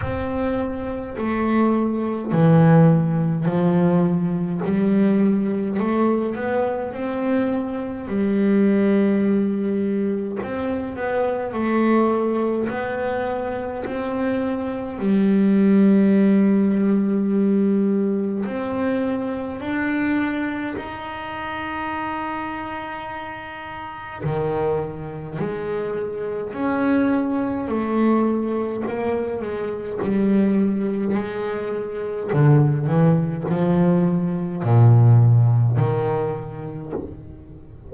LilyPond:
\new Staff \with { instrumentName = "double bass" } { \time 4/4 \tempo 4 = 52 c'4 a4 e4 f4 | g4 a8 b8 c'4 g4~ | g4 c'8 b8 a4 b4 | c'4 g2. |
c'4 d'4 dis'2~ | dis'4 dis4 gis4 cis'4 | a4 ais8 gis8 g4 gis4 | d8 e8 f4 ais,4 dis4 | }